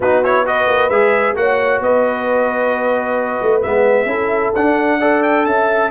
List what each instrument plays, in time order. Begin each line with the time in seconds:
0.00 tuba B3, trombone D#4, horn F#4, trumpet B4
0.23 trombone E4, trumpet C#5
0.45 trombone F#4, horn B4, trumpet D#5
0.68 tuba A#3
0.89 tuba G#3, trombone G#4, trumpet E5
1.35 tuba A#3, trombone F#4, horn C#5, trumpet F#5
1.80 tuba B3, horn B4, trumpet D#5
3.41 tuba A3
3.62 tuba G#3, trombone B3, trumpet E5
4.05 tuba C#4, trombone E4, horn A4
4.54 tuba D4, trombone D4, trumpet F#5
4.99 trombone A4, horn D5
5.22 trumpet G5
5.45 tuba C#4, horn E5, trumpet A5